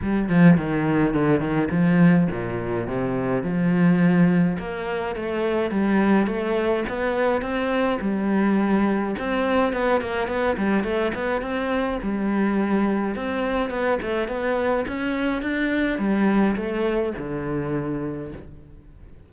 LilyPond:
\new Staff \with { instrumentName = "cello" } { \time 4/4 \tempo 4 = 105 g8 f8 dis4 d8 dis8 f4 | ais,4 c4 f2 | ais4 a4 g4 a4 | b4 c'4 g2 |
c'4 b8 ais8 b8 g8 a8 b8 | c'4 g2 c'4 | b8 a8 b4 cis'4 d'4 | g4 a4 d2 | }